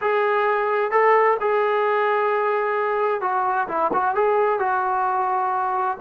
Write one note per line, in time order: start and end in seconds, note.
0.01 0.91 G#4
0.91 1.37 A4
1.40 3.21 G#4
3.21 3.67 F#4
3.68 3.91 E4
3.93 4.14 F#4
4.14 4.59 G#4
4.59 5.97 F#4